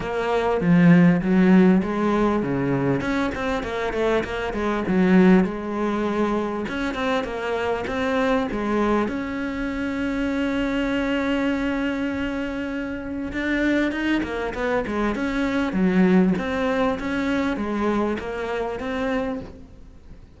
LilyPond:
\new Staff \with { instrumentName = "cello" } { \time 4/4 \tempo 4 = 99 ais4 f4 fis4 gis4 | cis4 cis'8 c'8 ais8 a8 ais8 gis8 | fis4 gis2 cis'8 c'8 | ais4 c'4 gis4 cis'4~ |
cis'1~ | cis'2 d'4 dis'8 ais8 | b8 gis8 cis'4 fis4 c'4 | cis'4 gis4 ais4 c'4 | }